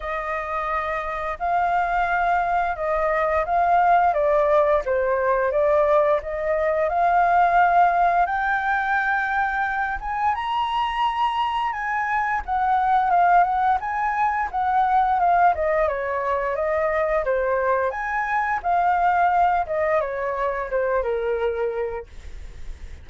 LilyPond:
\new Staff \with { instrumentName = "flute" } { \time 4/4 \tempo 4 = 87 dis''2 f''2 | dis''4 f''4 d''4 c''4 | d''4 dis''4 f''2 | g''2~ g''8 gis''8 ais''4~ |
ais''4 gis''4 fis''4 f''8 fis''8 | gis''4 fis''4 f''8 dis''8 cis''4 | dis''4 c''4 gis''4 f''4~ | f''8 dis''8 cis''4 c''8 ais'4. | }